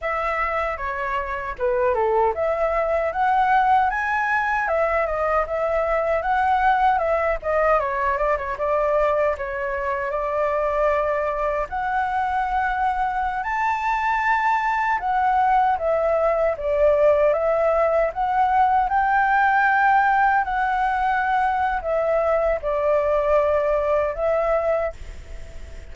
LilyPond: \new Staff \with { instrumentName = "flute" } { \time 4/4 \tempo 4 = 77 e''4 cis''4 b'8 a'8 e''4 | fis''4 gis''4 e''8 dis''8 e''4 | fis''4 e''8 dis''8 cis''8 d''16 cis''16 d''4 | cis''4 d''2 fis''4~ |
fis''4~ fis''16 a''2 fis''8.~ | fis''16 e''4 d''4 e''4 fis''8.~ | fis''16 g''2 fis''4.~ fis''16 | e''4 d''2 e''4 | }